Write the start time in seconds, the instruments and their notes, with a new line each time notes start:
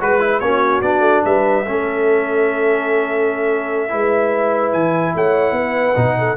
0.00 tuba G#3, trombone F#4, horn B4, trumpet B4
0.20 trombone E4
0.40 tuba A#3, trombone C#4, horn F#4, trumpet C#5
0.81 tuba B3, trombone D4, trumpet D5
1.00 tuba A3
1.24 tuba G3, horn B4, trumpet E5
1.64 tuba A3, trombone C#4, horn A4
3.89 tuba G#3, trombone E4, horn B4
4.72 tuba E3, trumpet G#5
5.14 tuba A3, horn C#5, trumpet F#5
5.51 tuba B3, horn B4
5.95 tuba B2, trombone D#4
6.18 horn A4